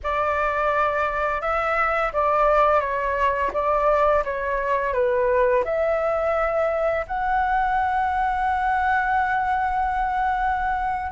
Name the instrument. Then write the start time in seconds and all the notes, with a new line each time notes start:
flute
0.03 D5
1.41 E5
2.12 D5
2.80 C#5
3.53 D5
4.24 C#5
4.93 B4
5.64 E5
7.07 F#5